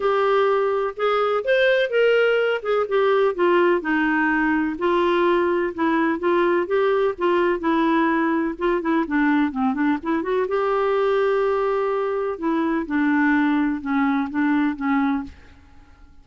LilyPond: \new Staff \with { instrumentName = "clarinet" } { \time 4/4 \tempo 4 = 126 g'2 gis'4 c''4 | ais'4. gis'8 g'4 f'4 | dis'2 f'2 | e'4 f'4 g'4 f'4 |
e'2 f'8 e'8 d'4 | c'8 d'8 e'8 fis'8 g'2~ | g'2 e'4 d'4~ | d'4 cis'4 d'4 cis'4 | }